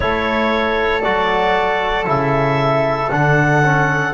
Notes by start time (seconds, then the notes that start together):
0.00 A3 E4 A4 C#5
1.02 F#3 F#4 D5
2.05 C#3 E4 E5
3.10 D3 D4 F#5
3.62 C#4